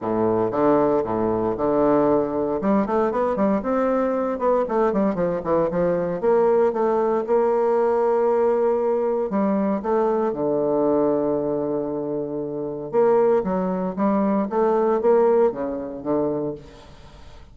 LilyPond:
\new Staff \with { instrumentName = "bassoon" } { \time 4/4 \tempo 4 = 116 a,4 d4 a,4 d4~ | d4 g8 a8 b8 g8 c'4~ | c'8 b8 a8 g8 f8 e8 f4 | ais4 a4 ais2~ |
ais2 g4 a4 | d1~ | d4 ais4 fis4 g4 | a4 ais4 cis4 d4 | }